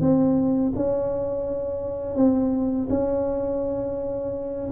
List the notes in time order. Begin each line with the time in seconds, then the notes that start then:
0.00 C4
0.75 C#4
2.15 C4
2.89 C#4